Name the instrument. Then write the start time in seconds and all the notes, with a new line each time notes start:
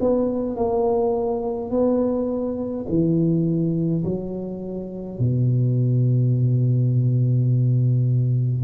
tuba
0.00 B3
0.57 A#3
1.70 B3
2.89 E3
4.05 F#3
5.19 B2